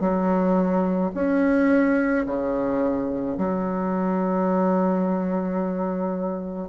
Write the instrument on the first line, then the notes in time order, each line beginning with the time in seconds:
bassoon
0.00 F#3
1.14 C#4
2.26 C#3
3.37 F#3